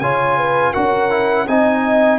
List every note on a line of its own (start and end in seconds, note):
0.00 0.75 C#3
0.00 0.74 F4
0.00 0.38 C#5
0.00 0.73 G#5
0.38 0.73 B4
0.73 1.48 C#4
0.73 1.10 F#4
0.73 1.47 A#4
0.73 1.47 F#5
1.10 1.47 E4
1.48 2.19 C4
1.48 2.19 D#4
1.48 2.19 D#5
1.48 2.19 G#5